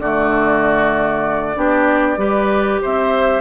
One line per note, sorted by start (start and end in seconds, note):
0.00 1.56 D3
0.00 1.55 A3
0.00 1.57 F#4
0.00 2.81 D5
1.55 2.17 B3
1.55 2.18 D4
1.55 2.20 G4
2.17 2.80 G3
2.17 3.41 G4
2.17 2.82 B4
2.82 3.41 C4
2.82 3.41 C5
2.82 3.41 E5